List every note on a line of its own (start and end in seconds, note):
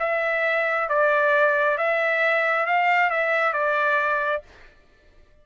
0.00 0.89 E5
0.89 1.78 D5
1.78 2.67 E5
2.67 3.11 F5
3.11 3.54 E5
3.54 4.43 D5